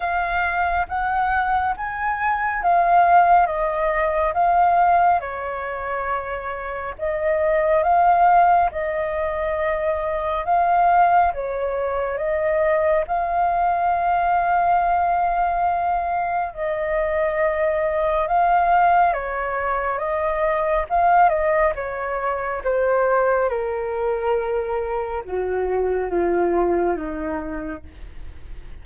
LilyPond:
\new Staff \with { instrumentName = "flute" } { \time 4/4 \tempo 4 = 69 f''4 fis''4 gis''4 f''4 | dis''4 f''4 cis''2 | dis''4 f''4 dis''2 | f''4 cis''4 dis''4 f''4~ |
f''2. dis''4~ | dis''4 f''4 cis''4 dis''4 | f''8 dis''8 cis''4 c''4 ais'4~ | ais'4 fis'4 f'4 dis'4 | }